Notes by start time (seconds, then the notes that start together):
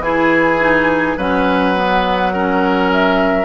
0.00 E3 E4 G#4 G#5
0.60 D#4
1.18 F#3 C#4 B4 F#5
1.76 B3
2.33 C#4 A#4
2.93 E5